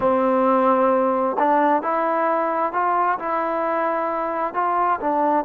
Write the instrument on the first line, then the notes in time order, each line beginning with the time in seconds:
trombone
0.00 C4
1.38 D4
1.82 E4
2.72 F4
3.19 E4
4.54 F4
5.00 D4